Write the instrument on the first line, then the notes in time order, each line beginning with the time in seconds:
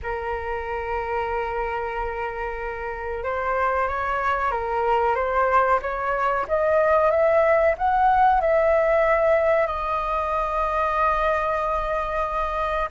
flute
0.03 A#4
3.23 C5
3.88 C#5
4.51 A#4
5.15 C5
5.82 C#5
6.48 D#5
7.10 E5
7.77 F#5
8.40 E5
9.66 D#5